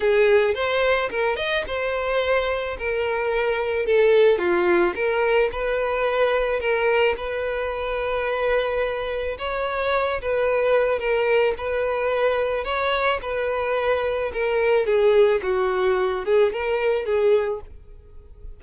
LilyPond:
\new Staff \with { instrumentName = "violin" } { \time 4/4 \tempo 4 = 109 gis'4 c''4 ais'8 dis''8 c''4~ | c''4 ais'2 a'4 | f'4 ais'4 b'2 | ais'4 b'2.~ |
b'4 cis''4. b'4. | ais'4 b'2 cis''4 | b'2 ais'4 gis'4 | fis'4. gis'8 ais'4 gis'4 | }